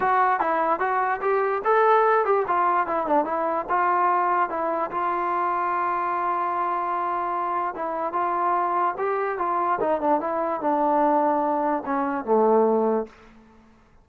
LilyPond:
\new Staff \with { instrumentName = "trombone" } { \time 4/4 \tempo 4 = 147 fis'4 e'4 fis'4 g'4 | a'4. g'8 f'4 e'8 d'8 | e'4 f'2 e'4 | f'1~ |
f'2. e'4 | f'2 g'4 f'4 | dis'8 d'8 e'4 d'2~ | d'4 cis'4 a2 | }